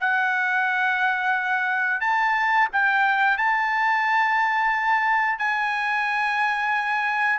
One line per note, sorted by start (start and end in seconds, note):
0.00 2.00 F#5
2.00 2.68 A5
2.72 3.37 G5
3.37 5.39 A5
5.39 7.39 G#5